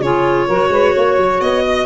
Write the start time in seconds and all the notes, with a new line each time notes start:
0.00 C#3 F4 G#4 C#5
0.47 F#3 F#4 A#4
0.69 G#3 B4
0.94 A#3 C#5
1.17 F#3
1.40 B3 D#5
1.66 D#5